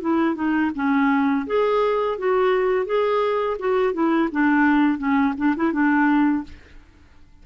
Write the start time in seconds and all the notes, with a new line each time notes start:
0.00 E4
0.35 D#4
0.75 C#4
1.46 G#4
2.18 F#4
2.85 G#4
3.59 F#4
3.93 E4
4.31 D4
4.98 C#4
5.37 D4
5.56 E4
5.72 D4